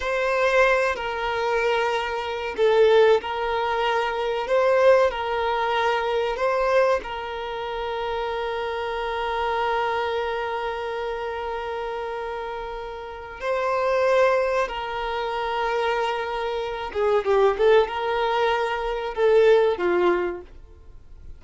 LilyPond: \new Staff \with { instrumentName = "violin" } { \time 4/4 \tempo 4 = 94 c''4. ais'2~ ais'8 | a'4 ais'2 c''4 | ais'2 c''4 ais'4~ | ais'1~ |
ais'1~ | ais'4 c''2 ais'4~ | ais'2~ ais'8 gis'8 g'8 a'8 | ais'2 a'4 f'4 | }